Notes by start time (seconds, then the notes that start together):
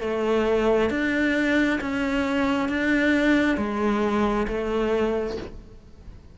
0.00 A3
0.90 D4
1.80 C#4
2.68 D4
3.57 G#3
4.47 A3